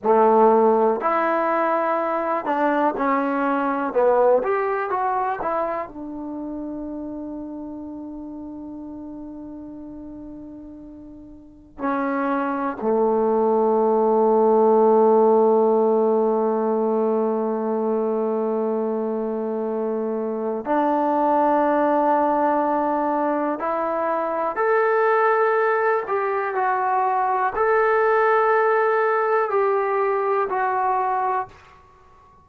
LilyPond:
\new Staff \with { instrumentName = "trombone" } { \time 4/4 \tempo 4 = 61 a4 e'4. d'8 cis'4 | b8 g'8 fis'8 e'8 d'2~ | d'1 | cis'4 a2.~ |
a1~ | a4 d'2. | e'4 a'4. g'8 fis'4 | a'2 g'4 fis'4 | }